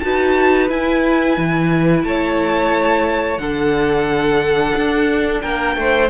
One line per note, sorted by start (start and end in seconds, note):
0.00 0.70 D#4
0.00 0.69 F#4
0.00 2.07 B4
0.00 0.67 A5
0.69 3.38 E4
0.69 1.37 E4
0.69 2.04 G#5
1.37 2.04 E3
2.04 3.38 A3
2.04 3.41 C#5
2.04 3.38 A5
3.38 4.73 D3
3.38 6.09 D4
3.38 5.42 A4
3.38 5.40 F#5
4.76 5.44 D4
5.42 5.76 A#3
5.42 5.76 A#4
5.42 6.09 G5
5.76 6.09 A3
5.76 6.09 C5